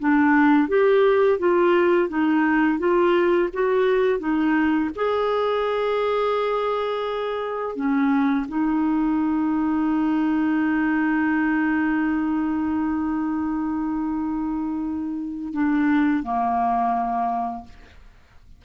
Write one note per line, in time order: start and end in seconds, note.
0.00 0.69 D4
0.69 1.39 G4
1.39 2.09 F4
2.09 2.79 D#4
2.79 3.50 F4
3.54 4.20 F#4
4.20 4.91 D#4
4.96 7.76 G#4
7.76 8.46 C#4
8.48 15.54 D#4
15.54 16.24 D4
16.24 17.65 A#3